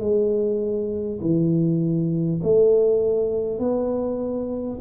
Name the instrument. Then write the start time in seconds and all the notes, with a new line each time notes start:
tuba
0.00 G#3
1.21 E3
2.43 A3
3.59 B3